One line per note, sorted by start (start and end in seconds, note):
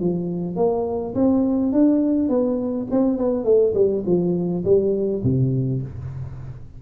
0.00 0.56 F3
0.56 1.15 A#3
1.15 1.73 C4
1.73 2.29 D4
2.29 2.87 B3
2.91 3.18 C4
3.18 3.45 B3
3.45 3.74 A3
3.75 4.04 G3
4.06 4.64 F3
4.64 5.23 G3
5.24 5.82 C3